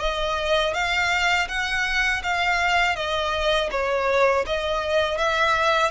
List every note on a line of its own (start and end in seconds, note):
0.00 0.74 D#5
0.74 1.48 F5
1.48 2.22 F#5
2.23 2.96 F5
2.96 3.70 D#5
3.71 4.45 C#5
4.46 5.18 D#5
5.18 5.91 E5